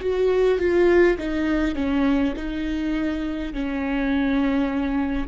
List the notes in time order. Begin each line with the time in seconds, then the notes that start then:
0.00 F#4
0.58 F4
1.18 D#4
1.74 C#4
2.36 D#4
3.53 C#4